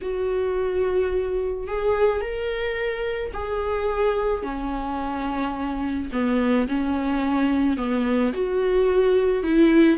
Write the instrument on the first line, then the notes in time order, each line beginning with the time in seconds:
viola
0.01 F#4
1.67 G#4
2.21 A#4
3.33 G#4
4.42 C#4
6.12 B3
6.67 C#4
7.77 B3
8.33 F#4
9.43 E4